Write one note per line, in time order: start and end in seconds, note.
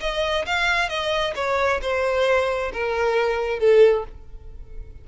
0.00 0.45 D#5
0.46 0.89 F5
0.89 1.34 D#5
1.35 1.80 C#5
1.81 2.72 C5
2.73 3.59 A#4
3.59 4.05 A4